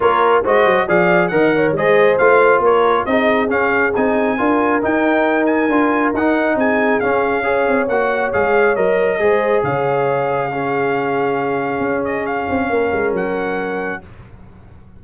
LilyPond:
<<
  \new Staff \with { instrumentName = "trumpet" } { \time 4/4 \tempo 4 = 137 cis''4 dis''4 f''4 fis''4 | dis''4 f''4 cis''4 dis''4 | f''4 gis''2 g''4~ | g''8 gis''4. fis''4 gis''4 |
f''2 fis''4 f''4 | dis''2 f''2~ | f''2.~ f''8 dis''8 | f''2 fis''2 | }
  \new Staff \with { instrumentName = "horn" } { \time 4/4 ais'4 c''4 d''4 dis''8 cis''8 | c''2 ais'4 gis'4~ | gis'2 ais'2~ | ais'2. gis'4~ |
gis'4 cis''2.~ | cis''4 c''4 cis''2 | gis'1~ | gis'4 ais'2. | }
  \new Staff \with { instrumentName = "trombone" } { \time 4/4 f'4 fis'4 gis'4 ais'4 | gis'4 f'2 dis'4 | cis'4 dis'4 f'4 dis'4~ | dis'4 f'4 dis'2 |
cis'4 gis'4 fis'4 gis'4 | ais'4 gis'2. | cis'1~ | cis'1 | }
  \new Staff \with { instrumentName = "tuba" } { \time 4/4 ais4 gis8 fis8 f4 dis4 | gis4 a4 ais4 c'4 | cis'4 c'4 d'4 dis'4~ | dis'4 d'4 dis'4 c'4 |
cis'4. c'8 ais4 gis4 | fis4 gis4 cis2~ | cis2. cis'4~ | cis'8 c'8 ais8 gis8 fis2 | }
>>